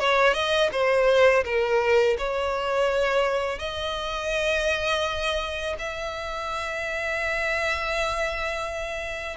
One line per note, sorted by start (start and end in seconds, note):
0.00 0.34 C#5
0.34 0.70 D#5
0.72 1.45 C5
1.45 2.17 A#4
2.18 3.59 C#5
3.59 5.76 D#5
5.79 9.37 E5